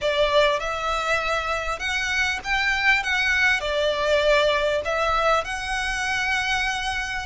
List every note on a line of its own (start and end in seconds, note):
0.01 0.59 D5
0.59 1.79 E5
1.79 2.39 F#5
2.44 3.03 G5
3.03 3.60 F#5
3.60 4.81 D5
4.84 5.44 E5
5.44 7.26 F#5